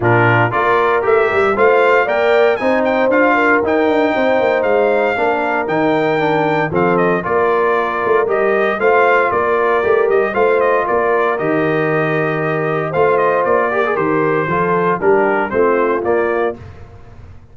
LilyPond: <<
  \new Staff \with { instrumentName = "trumpet" } { \time 4/4 \tempo 4 = 116 ais'4 d''4 e''4 f''4 | g''4 gis''8 g''8 f''4 g''4~ | g''4 f''2 g''4~ | g''4 f''8 dis''8 d''2 |
dis''4 f''4 d''4. dis''8 | f''8 dis''8 d''4 dis''2~ | dis''4 f''8 dis''8 d''4 c''4~ | c''4 ais'4 c''4 d''4 | }
  \new Staff \with { instrumentName = "horn" } { \time 4/4 f'4 ais'2 c''4 | d''4 c''4. ais'4. | c''2 ais'2~ | ais'4 a'4 ais'2~ |
ais'4 c''4 ais'2 | c''4 ais'2.~ | ais'4 c''4. ais'4. | a'4 g'4 f'2 | }
  \new Staff \with { instrumentName = "trombone" } { \time 4/4 d'4 f'4 g'4 f'4 | ais'4 dis'4 f'4 dis'4~ | dis'2 d'4 dis'4 | d'4 c'4 f'2 |
g'4 f'2 g'4 | f'2 g'2~ | g'4 f'4. g'16 gis'16 g'4 | f'4 d'4 c'4 ais4 | }
  \new Staff \with { instrumentName = "tuba" } { \time 4/4 ais,4 ais4 a8 g8 a4 | ais4 c'4 d'4 dis'8 d'8 | c'8 ais8 gis4 ais4 dis4~ | dis4 f4 ais4. a8 |
g4 a4 ais4 a8 g8 | a4 ais4 dis2~ | dis4 a4 ais4 dis4 | f4 g4 a4 ais4 | }
>>